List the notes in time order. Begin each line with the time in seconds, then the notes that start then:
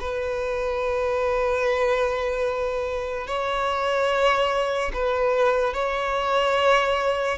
0.00 B4
3.27 C#5
4.94 B4
5.73 C#5